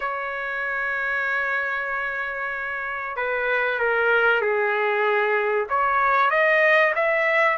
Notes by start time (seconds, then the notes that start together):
0.00 C#5
3.16 B4
3.79 A#4
4.41 G#4
5.69 C#5
6.30 D#5
6.95 E5